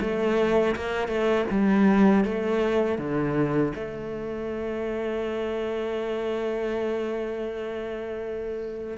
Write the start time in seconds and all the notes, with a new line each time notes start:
0.00 A3
0.75 A#3
1.07 A3
1.50 G3
2.24 A3
2.98 D3
3.75 A3